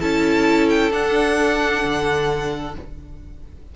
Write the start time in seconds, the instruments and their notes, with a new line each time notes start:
0.00 cello C#4, viola E4, violin A4 A5
0.70 violin G5
0.91 cello D4, viola D4, violin F#5
1.85 cello D3